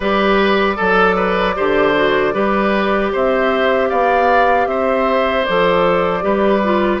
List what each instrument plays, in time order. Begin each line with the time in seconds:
0.00 bassoon G3, clarinet G4, oboe B4, flute D5
0.76 bassoon F#3, oboe A4, clarinet A4
1.16 oboe B4
1.55 bassoon D3, clarinet G4, oboe C5
1.95 clarinet F#4
2.32 bassoon G3, clarinet G4, oboe B4
3.12 bassoon C4, oboe C5, flute E5
3.89 bassoon B3, oboe D5, flute F5
4.66 bassoon C4, oboe C5, flute E5
5.44 bassoon F3, clarinet A4, flute D5
6.21 bassoon G3, clarinet G4, oboe B4
6.63 clarinet F4